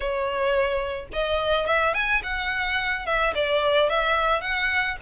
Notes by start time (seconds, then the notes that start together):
0.00 C#5
1.12 D#5
1.66 E5
1.94 G#5
2.23 F#5
3.06 E5
3.34 D5
3.89 E5
4.41 F#5